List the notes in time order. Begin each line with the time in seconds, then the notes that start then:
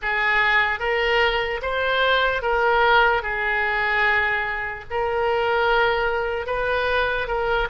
0.02 G#4
0.79 A#4
1.62 C5
2.41 A#4
3.22 G#4
4.90 A#4
6.46 B4
7.27 A#4